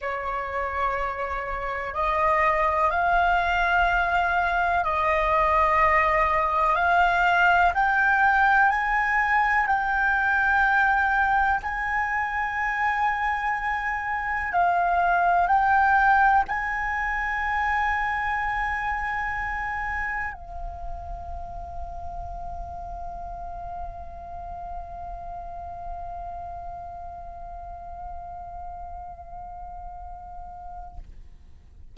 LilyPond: \new Staff \with { instrumentName = "flute" } { \time 4/4 \tempo 4 = 62 cis''2 dis''4 f''4~ | f''4 dis''2 f''4 | g''4 gis''4 g''2 | gis''2. f''4 |
g''4 gis''2.~ | gis''4 f''2.~ | f''1~ | f''1 | }